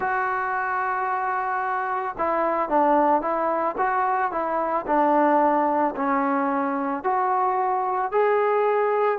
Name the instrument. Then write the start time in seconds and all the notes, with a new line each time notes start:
trombone
0.00 F#4
2.18 E4
2.69 D4
3.21 E4
3.77 F#4
4.31 E4
4.86 D4
5.96 C#4
7.03 F#4
8.11 G#4